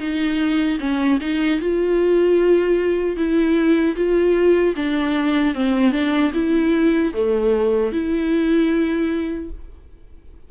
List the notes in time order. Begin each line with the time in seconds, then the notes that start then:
0.00 D#4
0.80 C#4
1.21 D#4
1.61 F4
3.17 E4
3.96 F4
4.76 D4
5.55 C4
5.92 D4
6.34 E4
7.14 A3
7.93 E4